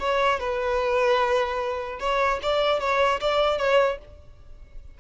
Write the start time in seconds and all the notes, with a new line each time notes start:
0.00 C#5
0.40 B4
2.00 C#5
2.43 D5
2.80 C#5
3.21 D5
3.58 C#5